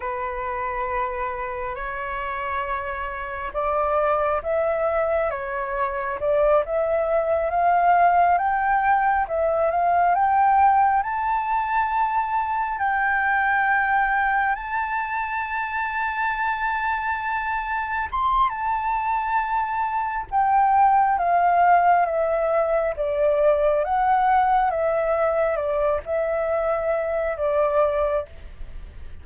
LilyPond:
\new Staff \with { instrumentName = "flute" } { \time 4/4 \tempo 4 = 68 b'2 cis''2 | d''4 e''4 cis''4 d''8 e''8~ | e''8 f''4 g''4 e''8 f''8 g''8~ | g''8 a''2 g''4.~ |
g''8 a''2.~ a''8~ | a''8 c'''8 a''2 g''4 | f''4 e''4 d''4 fis''4 | e''4 d''8 e''4. d''4 | }